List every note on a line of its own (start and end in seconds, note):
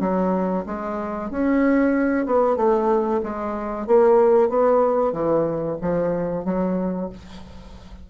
0.00 0.65 F#3
0.66 1.30 G#3
1.30 2.26 C#4
2.26 2.56 B3
2.56 3.21 A3
3.23 3.87 G#3
3.87 4.49 A#3
4.49 5.12 B3
5.12 5.77 E3
5.81 6.45 F3
6.45 7.09 F#3